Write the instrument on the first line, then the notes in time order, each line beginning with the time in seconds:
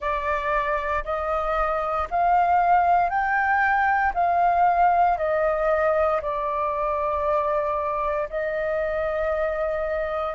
flute
0.00 D5
1.04 D#5
2.10 F5
3.09 G5
4.14 F5
5.17 D#5
6.21 D5
8.29 D#5